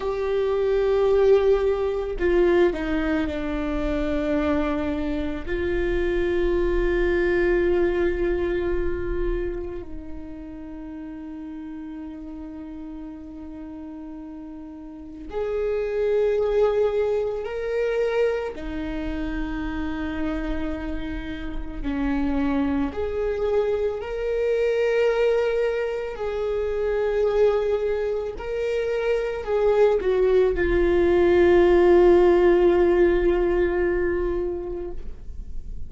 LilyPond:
\new Staff \with { instrumentName = "viola" } { \time 4/4 \tempo 4 = 55 g'2 f'8 dis'8 d'4~ | d'4 f'2.~ | f'4 dis'2.~ | dis'2 gis'2 |
ais'4 dis'2. | cis'4 gis'4 ais'2 | gis'2 ais'4 gis'8 fis'8 | f'1 | }